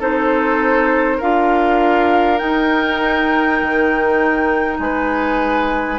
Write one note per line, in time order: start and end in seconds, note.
0.00 1.20 C4
0.00 1.21 D#4
0.00 1.18 A4
0.00 1.22 C5
1.18 2.42 D4
1.18 2.39 F4
1.18 4.78 A#4
1.18 2.38 F5
2.38 5.99 D#4
2.38 3.62 D#4
2.38 4.78 G5
3.62 4.79 D#3
4.79 5.99 G#3
4.79 5.99 B4
4.79 5.99 G#5